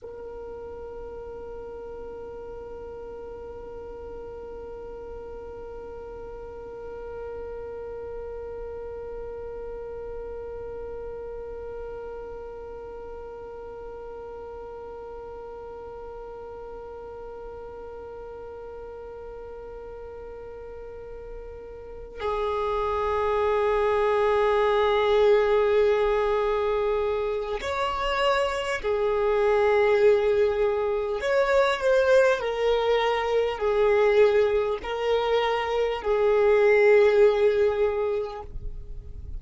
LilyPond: \new Staff \with { instrumentName = "violin" } { \time 4/4 \tempo 4 = 50 ais'1~ | ais'1~ | ais'1~ | ais'1~ |
ais'2~ ais'8 gis'4.~ | gis'2. cis''4 | gis'2 cis''8 c''8 ais'4 | gis'4 ais'4 gis'2 | }